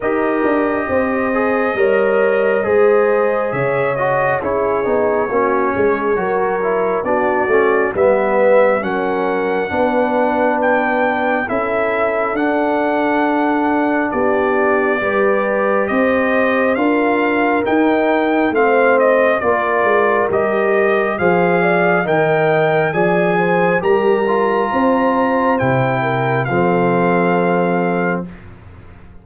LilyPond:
<<
  \new Staff \with { instrumentName = "trumpet" } { \time 4/4 \tempo 4 = 68 dis''1 | e''8 dis''8 cis''2. | d''4 e''4 fis''2 | g''4 e''4 fis''2 |
d''2 dis''4 f''4 | g''4 f''8 dis''8 d''4 dis''4 | f''4 g''4 gis''4 ais''4~ | ais''4 g''4 f''2 | }
  \new Staff \with { instrumentName = "horn" } { \time 4/4 ais'4 c''4 cis''4 c''4 | cis''4 gis'4 fis'8 gis'8 ais'4 | fis'4 b'4 ais'4 b'4~ | b'4 a'2. |
g'4 b'4 c''4 ais'4~ | ais'4 c''4 ais'2 | c''8 d''8 dis''4 d''8 c''8 ais'4 | c''4. ais'8 a'2 | }
  \new Staff \with { instrumentName = "trombone" } { \time 4/4 g'4. gis'8 ais'4 gis'4~ | gis'8 fis'8 e'8 dis'8 cis'4 fis'8 e'8 | d'8 cis'8 b4 cis'4 d'4~ | d'4 e'4 d'2~ |
d'4 g'2 f'4 | dis'4 c'4 f'4 g'4 | gis'4 ais'4 gis'4 g'8 f'8~ | f'4 e'4 c'2 | }
  \new Staff \with { instrumentName = "tuba" } { \time 4/4 dis'8 d'8 c'4 g4 gis4 | cis4 cis'8 b8 ais8 gis8 fis4 | b8 a8 g4 fis4 b4~ | b4 cis'4 d'2 |
b4 g4 c'4 d'4 | dis'4 a4 ais8 gis8 g4 | f4 dis4 f4 g4 | c'4 c4 f2 | }
>>